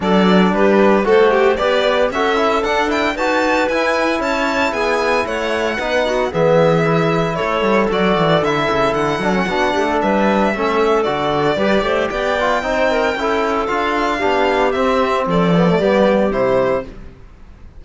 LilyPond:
<<
  \new Staff \with { instrumentName = "violin" } { \time 4/4 \tempo 4 = 114 d''4 b'4 a'8 g'8 d''4 | e''4 fis''8 g''8 a''4 gis''4 | a''4 gis''4 fis''2 | e''2 cis''4 d''4 |
e''4 fis''2 e''4~ | e''4 d''2 g''4~ | g''2 f''2 | e''4 d''2 c''4 | }
  \new Staff \with { instrumentName = "clarinet" } { \time 4/4 a'4 g'4 c''4 b'4 | a'2 b'2 | cis''4 gis'4 cis''4 b'8 fis'8 | gis'2 a'2~ |
a'2 fis'8 g'16 a'16 b'4 | a'2 b'8 c''8 d''4 | c''8 ais'8 a'2 g'4~ | g'4 a'4 g'2 | }
  \new Staff \with { instrumentName = "trombone" } { \time 4/4 d'2 fis'4 g'4 | fis'8 e'8 d'8 e'8 fis'4 e'4~ | e'2. dis'4 | b4 e'2 fis'4 |
e'4. d'16 cis'16 d'2 | cis'4 fis'4 g'4. f'8 | dis'4 e'4 f'4 d'4 | c'4. b16 a16 b4 e'4 | }
  \new Staff \with { instrumentName = "cello" } { \time 4/4 fis4 g4 a4 b4 | cis'4 d'4 dis'4 e'4 | cis'4 b4 a4 b4 | e2 a8 g8 fis8 e8 |
d8 cis8 d8 fis8 b8 a8 g4 | a4 d4 g8 a8 b4 | c'4 cis'4 d'4 b4 | c'4 f4 g4 c4 | }
>>